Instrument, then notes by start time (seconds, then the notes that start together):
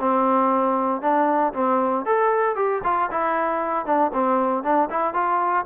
trombone
0.00 C4
1.02 D4
1.54 C4
2.05 A4
2.56 G4
2.84 F4
3.11 E4
3.86 D4
4.14 C4
4.63 D4
4.90 E4
5.14 F4